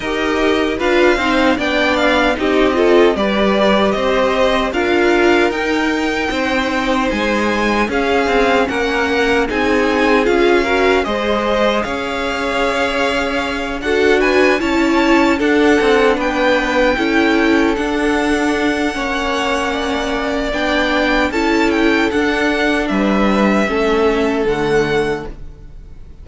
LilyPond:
<<
  \new Staff \with { instrumentName = "violin" } { \time 4/4 \tempo 4 = 76 dis''4 f''4 g''8 f''8 dis''4 | d''4 dis''4 f''4 g''4~ | g''4 gis''4 f''4 fis''4 | gis''4 f''4 dis''4 f''4~ |
f''4. fis''8 gis''8 a''4 fis''8~ | fis''8 g''2 fis''4.~ | fis''2 g''4 a''8 g''8 | fis''4 e''2 fis''4 | }
  \new Staff \with { instrumentName = "violin" } { \time 4/4 ais'4 b'8 c''8 d''4 g'8 a'8 | b'4 c''4 ais'2 | c''2 gis'4 ais'4 | gis'4. ais'8 c''4 cis''4~ |
cis''4. a'8 b'8 cis''4 a'8~ | a'8 b'4 a'2~ a'8 | cis''4 d''2 a'4~ | a'4 b'4 a'2 | }
  \new Staff \with { instrumentName = "viola" } { \time 4/4 g'4 f'8 dis'8 d'4 dis'8 f'8 | g'2 f'4 dis'4~ | dis'2 cis'2 | dis'4 f'8 fis'8 gis'2~ |
gis'4. fis'4 e'4 d'8~ | d'4. e'4 d'4. | cis'2 d'4 e'4 | d'2 cis'4 a4 | }
  \new Staff \with { instrumentName = "cello" } { \time 4/4 dis'4 d'8 c'8 b4 c'4 | g4 c'4 d'4 dis'4 | c'4 gis4 cis'8 c'8 ais4 | c'4 cis'4 gis4 cis'4~ |
cis'4. d'4 cis'4 d'8 | c'8 b4 cis'4 d'4. | ais2 b4 cis'4 | d'4 g4 a4 d4 | }
>>